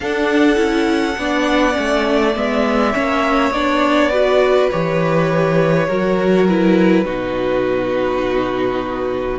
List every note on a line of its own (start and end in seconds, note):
0.00 0.55 D4
0.00 0.57 D4
0.00 1.18 A4
0.00 2.33 F#5
0.55 1.16 C#4
0.55 1.14 E4
1.17 1.76 B3
1.17 1.73 D4
1.17 2.93 D5
1.73 2.36 A3
1.73 2.31 C#4
2.35 2.94 G#3
2.35 2.93 B3
2.35 3.52 E5
2.93 3.50 A#3
2.93 3.52 C#4
2.93 4.10 C#5
3.50 4.68 B3
3.50 4.12 D4
3.50 4.70 D5
4.10 4.70 F#4
4.10 5.86 B4
4.70 5.88 E3
4.70 5.89 G4
4.70 6.47 C#5
5.87 7.05 F#3
5.87 6.48 F#4
5.87 7.05 A#4
6.48 7.05 E4
6.48 9.39 B4
7.05 9.39 B2
7.05 9.39 D#4
7.05 9.39 F#4